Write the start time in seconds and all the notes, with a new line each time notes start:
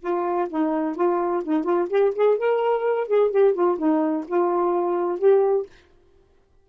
0.00 F4
0.49 D#4
0.95 F4
1.44 D#4
1.64 F4
1.89 G4
2.15 G#4
2.38 A#4
3.07 G#4
3.30 G4
3.53 F4
3.78 D#4
4.27 F4
5.18 G4